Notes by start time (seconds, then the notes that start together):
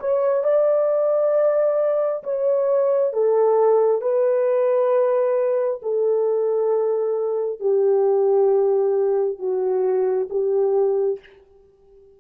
0.00 C#5
0.44 D5
2.24 C#5
3.13 A4
4.02 B4
5.82 A4
7.60 G4
9.39 F#4
10.30 G4